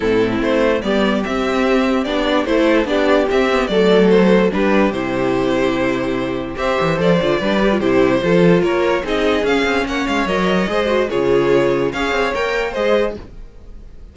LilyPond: <<
  \new Staff \with { instrumentName = "violin" } { \time 4/4 \tempo 4 = 146 a'4 c''4 d''4 e''4~ | e''4 d''4 c''4 d''4 | e''4 d''4 c''4 b'4 | c''1 |
e''4 d''2 c''4~ | c''4 cis''4 dis''4 f''4 | fis''8 f''8 dis''2 cis''4~ | cis''4 f''4 g''4 dis''4 | }
  \new Staff \with { instrumentName = "violin" } { \time 4/4 e'2 g'2~ | g'2 a'4 g'4~ | g'4 a'2 g'4~ | g'1 |
c''2 b'4 g'4 | a'4 ais'4 gis'2 | cis''2 c''4 gis'4~ | gis'4 cis''2 c''4 | }
  \new Staff \with { instrumentName = "viola" } { \time 4/4 c'2 b4 c'4~ | c'4 d'4 e'4 d'4 | c'8 b8 a2 d'4 | e'1 |
g'4 a'8 f'8 d'8 g'16 f'16 e'4 | f'2 dis'4 cis'4~ | cis'4 ais'4 gis'8 fis'8 f'4~ | f'4 gis'4 ais'4 gis'4 | }
  \new Staff \with { instrumentName = "cello" } { \time 4/4 a,4 a4 g4 c'4~ | c'4 b4 a4 b4 | c'4 fis2 g4 | c1 |
c'8 e8 f8 d8 g4 c4 | f4 ais4 c'4 cis'8 c'8 | ais8 gis8 fis4 gis4 cis4~ | cis4 cis'8 c'8 ais4 gis4 | }
>>